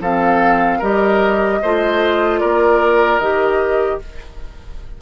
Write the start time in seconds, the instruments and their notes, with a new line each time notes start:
0.00 bassoon F3, clarinet C4, oboe A4, flute F5
0.79 bassoon G3, clarinet G4, oboe A#4, flute D#5
1.62 bassoon A3, clarinet F4, oboe C5
2.39 bassoon A#3, oboe A#4, flute D5
3.19 bassoon D#3, clarinet G4, flute D#5